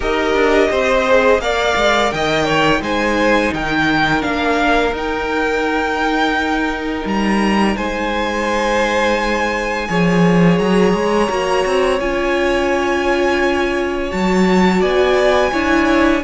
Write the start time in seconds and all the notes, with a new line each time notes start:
0.00 D#4 G4 A#4 D#5
0.34 D4
0.70 C4 C5
1.08 G#4
1.38 A#3 A#4 D5 F5
1.76 G#3
2.11 D#3 D#5 G5
2.45 C#5
2.80 G#3 D#4 C5 G#5
3.53 D#3 A#4 G5
4.20 A#3 D4 F5
4.92 D#4 G5
7.05 G3 A#5
7.76 G#3 C5 G#5
9.88 F3 G#4 C#5
10.58 F#3 A#5
10.93 G#3
11.28 A#3 F#4
11.65 C4
11.99 C#4 F4 G#5
14.10 F#3 F#4 A5
14.80 B3 D5 G#5
15.52 D4 E4 C#5